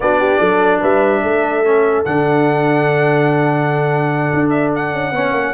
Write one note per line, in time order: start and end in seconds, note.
0.00 0.39 B3
0.00 1.64 D4
0.00 0.19 F#4
0.00 0.80 D5
0.19 0.39 G4
0.39 0.80 F#3
0.39 0.80 A4
0.80 1.23 G3
0.80 1.21 B4
0.80 2.04 E5
1.23 2.05 A3
1.23 5.13 A4
1.64 2.05 C#4
2.04 4.31 D3
2.04 5.13 D4
2.04 4.49 F#5
4.33 4.93 D4
4.49 4.70 E5
4.75 5.54 F#5
4.93 5.11 C#4
5.11 5.32 B3
5.11 5.54 C#4
5.11 5.54 C#5
5.32 5.52 A#3